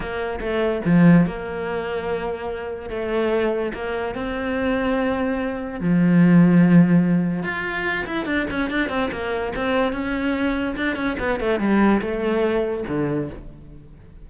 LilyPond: \new Staff \with { instrumentName = "cello" } { \time 4/4 \tempo 4 = 145 ais4 a4 f4 ais4~ | ais2. a4~ | a4 ais4 c'2~ | c'2 f2~ |
f2 f'4. e'8 | d'8 cis'8 d'8 c'8 ais4 c'4 | cis'2 d'8 cis'8 b8 a8 | g4 a2 d4 | }